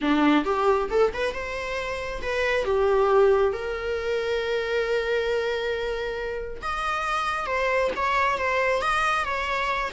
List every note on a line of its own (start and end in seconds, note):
0.01 0.45 D4
0.45 0.89 G4
0.90 1.12 A4
1.13 1.33 B4
1.33 2.21 C5
2.22 2.64 B4
2.64 3.52 G4
3.52 6.61 A#4
6.62 7.46 D#5
7.46 7.90 C5
7.96 8.37 C#5
8.37 8.81 C5
8.81 9.24 D#5
9.24 9.91 C#5